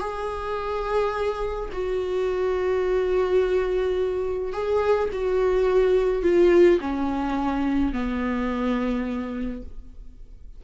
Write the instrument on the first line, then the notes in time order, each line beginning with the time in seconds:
viola
0.00 G#4
1.72 F#4
4.53 G#4
5.13 F#4
6.23 F4
6.81 C#4
7.93 B3